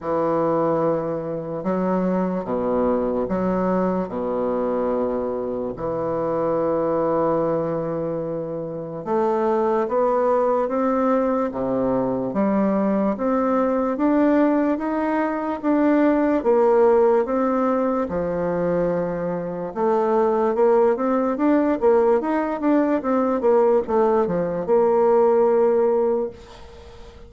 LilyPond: \new Staff \with { instrumentName = "bassoon" } { \time 4/4 \tempo 4 = 73 e2 fis4 b,4 | fis4 b,2 e4~ | e2. a4 | b4 c'4 c4 g4 |
c'4 d'4 dis'4 d'4 | ais4 c'4 f2 | a4 ais8 c'8 d'8 ais8 dis'8 d'8 | c'8 ais8 a8 f8 ais2 | }